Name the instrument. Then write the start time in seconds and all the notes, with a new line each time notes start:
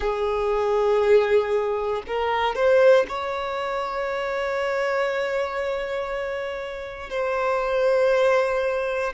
violin
0.00 G#4
2.07 A#4
2.55 C5
3.08 C#5
7.10 C5